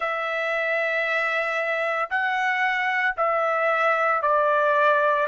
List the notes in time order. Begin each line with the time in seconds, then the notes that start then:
0.00 E5
2.10 F#5
3.16 E5
4.22 D5